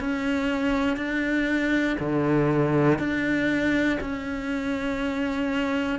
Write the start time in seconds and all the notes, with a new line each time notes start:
0.00 C#4
0.97 D4
1.99 D3
2.98 D4
4.00 C#4